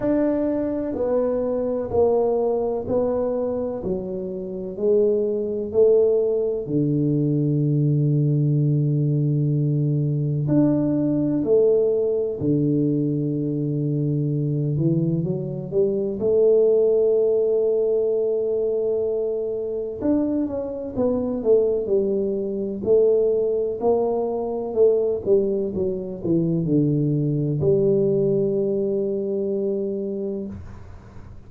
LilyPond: \new Staff \with { instrumentName = "tuba" } { \time 4/4 \tempo 4 = 63 d'4 b4 ais4 b4 | fis4 gis4 a4 d4~ | d2. d'4 | a4 d2~ d8 e8 |
fis8 g8 a2.~ | a4 d'8 cis'8 b8 a8 g4 | a4 ais4 a8 g8 fis8 e8 | d4 g2. | }